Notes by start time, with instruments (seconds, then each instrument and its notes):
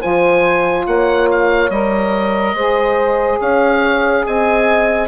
0.00 bassoon F3, saxophone F4, horn C5, oboe G#5
0.87 bassoon A#3, horn C#5, oboe F#5
1.31 oboe F5
1.70 bassoon G3, saxophone A#4, oboe D#5
2.54 bassoon G#3, saxophone G#4, horn C5
3.41 bassoon C#4, horn C#5, oboe F5
4.27 bassoon C4, horn D#5, oboe G#5